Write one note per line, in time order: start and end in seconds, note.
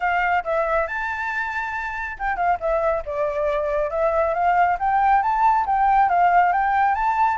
0.00 0.43 F5
0.44 0.87 E5
0.87 2.17 A5
2.19 2.36 G5
2.36 2.58 F5
2.59 3.03 E5
3.05 3.90 D5
3.90 4.33 E5
4.34 4.77 F5
4.79 5.22 G5
5.22 5.65 A5
5.66 6.09 G5
6.09 6.52 F5
6.52 6.94 G5
6.94 7.37 A5